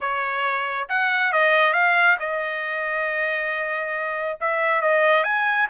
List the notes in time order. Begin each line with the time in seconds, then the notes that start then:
0.01 C#5
0.89 F#5
1.32 D#5
1.73 F5
2.19 D#5
4.40 E5
4.81 D#5
5.23 G#5